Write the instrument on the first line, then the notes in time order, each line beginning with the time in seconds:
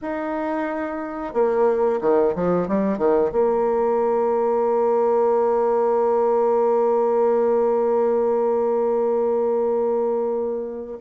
bassoon
0.01 D#4
1.33 A#3
2.01 D#3
2.35 F3
2.68 G3
2.98 D#3
3.32 A#3